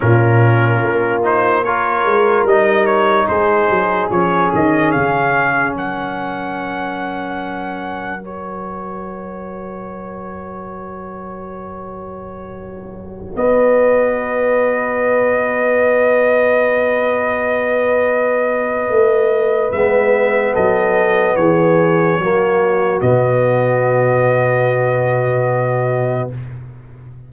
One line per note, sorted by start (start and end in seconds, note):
0.00 0.82 A#2
0.00 1.22 C#4
0.00 1.64 F4
0.00 1.22 A#4
0.82 2.05 A#3
1.22 1.63 D#4
1.22 1.64 C5
1.64 2.48 F4
1.64 3.29 A#4
1.64 2.46 C#5
2.05 2.44 G#3
2.44 3.26 G3
2.44 4.11 D#4
2.44 2.86 D#5
2.86 3.27 C#5
3.28 3.69 G#3
3.28 5.75 G#4
3.28 4.10 C5
3.69 4.10 F#3
4.10 4.51 F3
4.10 8.19 C#4
4.10 4.51 C#5
4.53 4.94 D#3
4.53 4.91 D#5
4.91 5.74 C#3
4.91 5.73 F5
5.74 13.34 F#3
5.74 13.36 A#4
5.74 8.23 F#5
8.19 19.70 F#4
8.19 13.36 C#5
13.35 18.89 B3
13.35 20.53 B4
13.35 19.71 D#5
18.89 19.71 A3
19.71 20.54 G#3
19.71 22.21 B3
19.71 20.54 E5
20.53 21.36 F#3
20.53 21.35 A4
20.53 21.35 D#5
21.35 22.18 E3
21.35 22.20 G#4
21.35 23.00 C#5
22.18 23.00 F#3
22.18 23.02 A#3
22.18 26.32 F#4
23.01 26.30 B2
23.01 26.31 B3
23.01 26.29 D#5